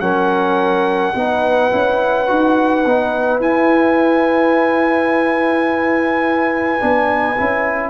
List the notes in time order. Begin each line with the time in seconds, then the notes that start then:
0.00 F#3 C#4 A#4 F#5
1.14 B3 D#4 B4
1.71 C#4 E4
2.27 D#4 F#4
2.85 B3 D#4
3.40 E4 G#5
6.79 B3 D4
7.37 C#4 E4